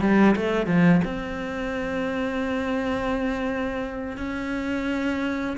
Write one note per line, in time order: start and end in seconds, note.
0.00 0.35 G3
0.36 0.66 A3
0.66 1.01 F3
1.04 4.17 C4
4.17 5.57 C#4